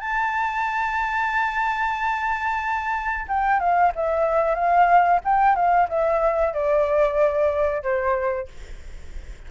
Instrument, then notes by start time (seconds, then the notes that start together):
flute
0.00 A5
3.28 G5
3.60 F5
3.95 E5
4.55 F5
5.25 G5
5.56 F5
5.89 E5
6.54 D5
7.83 C5